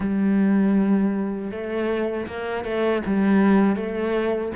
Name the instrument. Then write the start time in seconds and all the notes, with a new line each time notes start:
cello
0.00 G3
1.51 A3
2.27 A#3
2.64 A3
3.06 G3
3.76 A3